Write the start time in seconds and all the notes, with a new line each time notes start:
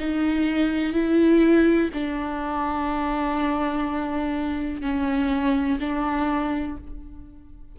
0.00 D#4
0.94 E4
1.94 D4
4.82 C#4
5.81 D4